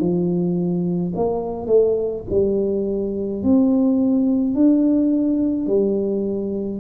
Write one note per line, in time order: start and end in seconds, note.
0.00 1.13 F3
1.16 1.67 A#3
1.67 2.24 A3
2.31 3.43 G3
3.43 4.55 C4
4.55 5.67 D4
5.67 6.80 G3